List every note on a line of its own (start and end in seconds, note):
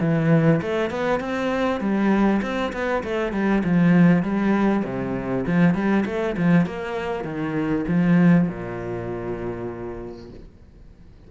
0.00 0.61 E3
0.62 0.90 A3
0.90 1.20 B3
1.20 1.80 C4
1.80 2.41 G3
2.42 2.72 C4
2.73 3.03 B3
3.04 3.33 A3
3.33 3.63 G3
3.64 4.23 F3
4.23 4.83 G3
4.84 5.45 C3
5.47 5.74 F3
5.74 6.04 G3
6.06 6.36 A3
6.37 6.66 F3
6.66 7.25 A#3
7.25 7.85 D#3
7.88 8.48 F3
8.48 10.30 A#2